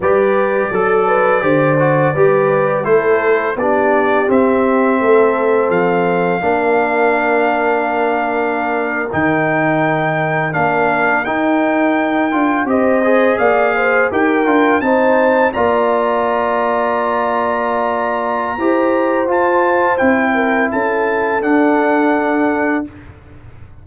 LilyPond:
<<
  \new Staff \with { instrumentName = "trumpet" } { \time 4/4 \tempo 4 = 84 d''1 | c''4 d''4 e''2 | f''1~ | f''8. g''2 f''4 g''16~ |
g''4.~ g''16 dis''4 f''4 g''16~ | g''8. a''4 ais''2~ ais''16~ | ais''2. a''4 | g''4 a''4 fis''2 | }
  \new Staff \with { instrumentName = "horn" } { \time 4/4 b'4 a'8 b'8 c''4 b'4 | a'4 g'2 a'4~ | a'4 ais'2.~ | ais'1~ |
ais'4.~ ais'16 c''4 d''8 c''8 ais'16~ | ais'8. c''4 d''2~ d''16~ | d''2 c''2~ | c''8 ais'8 a'2. | }
  \new Staff \with { instrumentName = "trombone" } { \time 4/4 g'4 a'4 g'8 fis'8 g'4 | e'4 d'4 c'2~ | c'4 d'2.~ | d'8. dis'2 d'4 dis'16~ |
dis'4~ dis'16 f'8 g'8 gis'4. g'16~ | g'16 f'8 dis'4 f'2~ f'16~ | f'2 g'4 f'4 | e'2 d'2 | }
  \new Staff \with { instrumentName = "tuba" } { \time 4/4 g4 fis4 d4 g4 | a4 b4 c'4 a4 | f4 ais2.~ | ais8. dis2 ais4 dis'16~ |
dis'4~ dis'16 d'8 c'4 ais4 dis'16~ | dis'16 d'8 c'4 ais2~ ais16~ | ais2 e'4 f'4 | c'4 cis'4 d'2 | }
>>